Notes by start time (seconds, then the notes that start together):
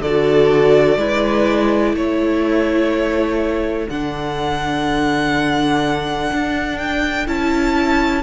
0.00 D3 F#4 A4 D5
0.97 G#3 E4 B4
1.93 A3 A4 C#5
3.89 D3 D4 F#5
6.32 D4
6.78 G5
7.26 C#4 E4 A5